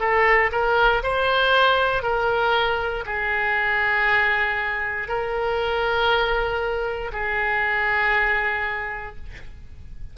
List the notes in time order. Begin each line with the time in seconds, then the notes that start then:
0.00 A4
0.52 A#4
1.03 C5
2.02 A#4
3.06 G#4
5.08 A#4
7.13 G#4